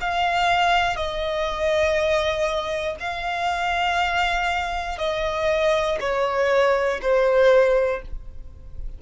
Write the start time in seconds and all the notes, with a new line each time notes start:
0.00 F5
0.96 D#5
2.99 F5
4.98 D#5
6.00 C#5
7.02 C5